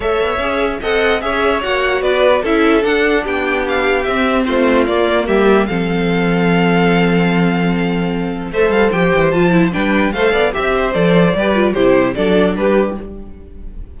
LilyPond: <<
  \new Staff \with { instrumentName = "violin" } { \time 4/4 \tempo 4 = 148 e''2 fis''4 e''4 | fis''4 d''4 e''4 fis''4 | g''4 f''4 e''4 c''4 | d''4 e''4 f''2~ |
f''1~ | f''4 e''8 f''8 g''4 a''4 | g''4 f''4 e''4 d''4~ | d''4 c''4 d''4 b'4 | }
  \new Staff \with { instrumentName = "violin" } { \time 4/4 cis''2 dis''4 cis''4~ | cis''4 b'4 a'2 | g'2. f'4~ | f'4 g'4 a'2~ |
a'1~ | a'4 c''2. | b'4 c''8 d''8 e''8 c''4. | b'4 g'4 a'4 g'4 | }
  \new Staff \with { instrumentName = "viola" } { \time 4/4 a'4 gis'4 a'4 gis'4 | fis'2 e'4 d'4~ | d'2 c'2 | ais2 c'2~ |
c'1~ | c'4 a'4 g'4 f'8 e'8 | d'4 a'4 g'4 a'4 | g'8 f'8 e'4 d'2 | }
  \new Staff \with { instrumentName = "cello" } { \time 4/4 a8 b8 cis'4 c'4 cis'4 | ais4 b4 cis'4 d'4 | b2 c'4 a4 | ais4 g4 f2~ |
f1~ | f4 a8 g8 f8 e8 f4 | g4 a8 b8 c'4 f4 | g4 c4 fis4 g4 | }
>>